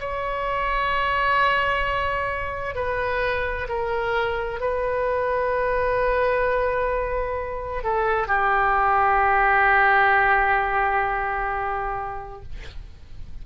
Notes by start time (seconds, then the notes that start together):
0.00 C#5
2.76 B4
3.69 A#4
4.61 B4
7.84 A4
8.28 G4